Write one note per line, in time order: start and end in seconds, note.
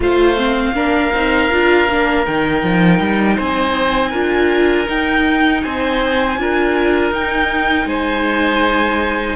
0.00 0.72 A3
0.00 0.36 F4
0.00 0.75 C5
0.00 2.26 F5
0.37 0.74 C4
0.73 1.10 A#3
0.73 1.11 D4
0.73 3.36 A#4
1.12 1.49 C4
1.12 1.51 D#4
1.51 1.88 D4
1.51 1.88 F4
1.88 2.26 A#3
1.88 2.26 D4
2.26 2.63 D#3
2.26 4.13 D#4
2.26 3.38 G5
2.63 3.00 F3
3.00 3.37 G3
3.36 4.12 C4
3.36 4.10 C5
3.36 4.89 G#5
4.10 4.88 D4
4.10 4.86 F4
4.10 5.60 A#4
4.86 6.36 D#4
4.86 5.63 D#4
4.86 5.63 G5
5.63 6.37 C4
5.63 6.39 C5
5.63 7.13 G#5
6.37 7.11 D4
6.37 7.12 F4
6.37 7.88 A#4
7.11 7.85 D#4
7.11 9.36 D#4
7.11 7.88 G5
7.85 9.35 G#3
7.85 9.36 C5
7.85 9.36 G#5